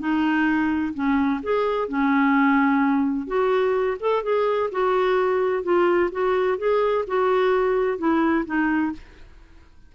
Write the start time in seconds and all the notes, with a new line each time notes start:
0.00 D#4
0.94 C#4
1.43 G#4
1.89 C#4
3.27 F#4
4.00 A4
4.24 G#4
4.72 F#4
5.63 F4
6.12 F#4
6.58 G#4
7.07 F#4
7.98 E4
8.46 D#4